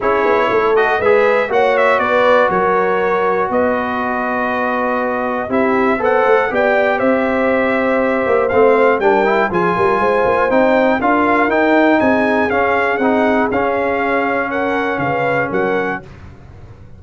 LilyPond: <<
  \new Staff \with { instrumentName = "trumpet" } { \time 4/4 \tempo 4 = 120 cis''4. dis''8 e''4 fis''8 e''8 | d''4 cis''2 dis''4~ | dis''2. e''4 | fis''4 g''4 e''2~ |
e''4 f''4 g''4 gis''4~ | gis''4 g''4 f''4 g''4 | gis''4 f''4 fis''4 f''4~ | f''4 fis''4 f''4 fis''4 | }
  \new Staff \with { instrumentName = "horn" } { \time 4/4 gis'4 a'4 b'4 cis''4 | b'4 ais'2 b'4~ | b'2. g'4 | c''4 d''4 c''2~ |
c''2 ais'4 gis'8 ais'8 | c''2 ais'2 | gis'1~ | gis'4 ais'4 b'4 ais'4 | }
  \new Staff \with { instrumentName = "trombone" } { \time 4/4 e'4. fis'8 gis'4 fis'4~ | fis'1~ | fis'2. e'4 | a'4 g'2.~ |
g'4 c'4 d'8 e'8 f'4~ | f'4 dis'4 f'4 dis'4~ | dis'4 cis'4 dis'4 cis'4~ | cis'1 | }
  \new Staff \with { instrumentName = "tuba" } { \time 4/4 cis'8 b8 a4 gis4 ais4 | b4 fis2 b4~ | b2. c'4 | b8 a8 b4 c'2~ |
c'8 ais8 a4 g4 f8 g8 | gis8 ais8 c'4 d'4 dis'4 | c'4 cis'4 c'4 cis'4~ | cis'2 cis4 fis4 | }
>>